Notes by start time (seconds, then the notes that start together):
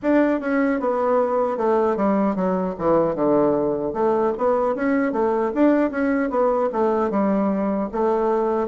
0.02 D4
0.40 C#4
0.80 B3
1.57 A3
1.96 G3
2.35 F#3
2.78 E3
3.15 D3
3.93 A3
4.37 B3
4.75 C#4
5.12 A3
5.54 D4
5.90 C#4
6.29 B3
6.72 A3
7.10 G3
7.92 A3